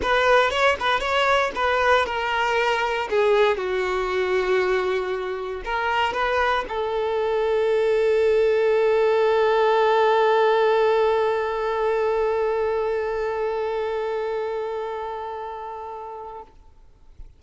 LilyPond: \new Staff \with { instrumentName = "violin" } { \time 4/4 \tempo 4 = 117 b'4 cis''8 b'8 cis''4 b'4 | ais'2 gis'4 fis'4~ | fis'2. ais'4 | b'4 a'2.~ |
a'1~ | a'1~ | a'1~ | a'1 | }